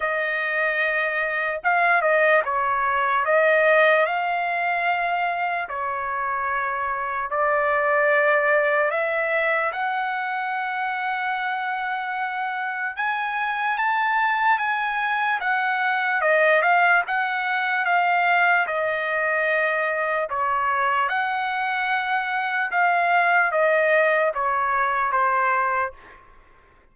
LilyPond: \new Staff \with { instrumentName = "trumpet" } { \time 4/4 \tempo 4 = 74 dis''2 f''8 dis''8 cis''4 | dis''4 f''2 cis''4~ | cis''4 d''2 e''4 | fis''1 |
gis''4 a''4 gis''4 fis''4 | dis''8 f''8 fis''4 f''4 dis''4~ | dis''4 cis''4 fis''2 | f''4 dis''4 cis''4 c''4 | }